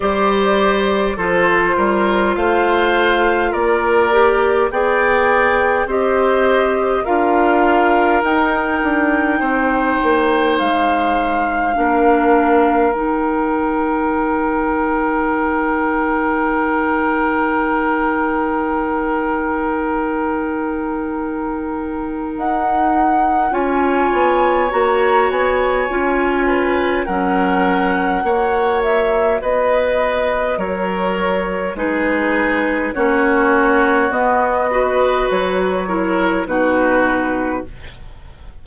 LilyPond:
<<
  \new Staff \with { instrumentName = "flute" } { \time 4/4 \tempo 4 = 51 d''4 c''4 f''4 d''4 | g''4 dis''4 f''4 g''4~ | g''4 f''2 g''4~ | g''1~ |
g''2. fis''4 | gis''4 ais''8 gis''4. fis''4~ | fis''8 e''8 dis''4 cis''4 b'4 | cis''4 dis''4 cis''4 b'4 | }
  \new Staff \with { instrumentName = "oboe" } { \time 4/4 c''4 a'8 ais'8 c''4 ais'4 | d''4 c''4 ais'2 | c''2 ais'2~ | ais'1~ |
ais'1 | cis''2~ cis''8 b'8 ais'4 | cis''4 b'4 ais'4 gis'4 | fis'4. b'4 ais'8 fis'4 | }
  \new Staff \with { instrumentName = "clarinet" } { \time 4/4 g'4 f'2~ f'8 g'8 | gis'4 g'4 f'4 dis'4~ | dis'2 d'4 dis'4~ | dis'1~ |
dis'1 | f'4 fis'4 f'4 cis'4 | fis'2. dis'4 | cis'4 b8 fis'4 e'8 dis'4 | }
  \new Staff \with { instrumentName = "bassoon" } { \time 4/4 g4 f8 g8 a4 ais4 | b4 c'4 d'4 dis'8 d'8 | c'8 ais8 gis4 ais4 dis4~ | dis1~ |
dis2. dis'4 | cis'8 b8 ais8 b8 cis'4 fis4 | ais4 b4 fis4 gis4 | ais4 b4 fis4 b,4 | }
>>